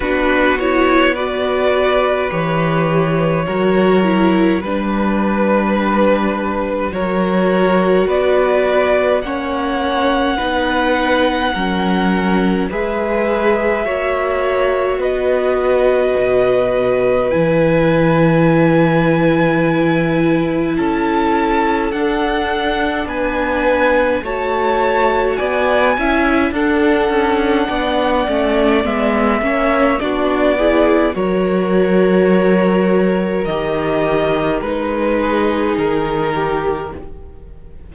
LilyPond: <<
  \new Staff \with { instrumentName = "violin" } { \time 4/4 \tempo 4 = 52 b'8 cis''8 d''4 cis''2 | b'2 cis''4 d''4 | fis''2. e''4~ | e''4 dis''2 gis''4~ |
gis''2 a''4 fis''4 | gis''4 a''4 gis''4 fis''4~ | fis''4 e''4 d''4 cis''4~ | cis''4 dis''4 b'4 ais'4 | }
  \new Staff \with { instrumentName = "violin" } { \time 4/4 fis'4 b'2 ais'4 | b'2 ais'4 b'4 | cis''4 b'4 ais'4 b'4 | cis''4 b'2.~ |
b'2 a'2 | b'4 cis''4 d''8 e''8 a'4 | d''4. cis''8 fis'8 gis'8 ais'4~ | ais'2~ ais'8 gis'4 g'8 | }
  \new Staff \with { instrumentName = "viola" } { \time 4/4 d'8 e'8 fis'4 g'4 fis'8 e'8 | d'2 fis'2 | cis'4 dis'4 cis'4 gis'4 | fis'2. e'4~ |
e'2. d'4~ | d'4 fis'4. e'8 d'4~ | d'8 cis'8 b8 cis'8 d'8 e'8 fis'4~ | fis'4 g'4 dis'2 | }
  \new Staff \with { instrumentName = "cello" } { \time 4/4 b2 e4 fis4 | g2 fis4 b4 | ais4 b4 fis4 gis4 | ais4 b4 b,4 e4~ |
e2 cis'4 d'4 | b4 a4 b8 cis'8 d'8 cis'8 | b8 a8 gis8 ais8 b4 fis4~ | fis4 dis4 gis4 dis4 | }
>>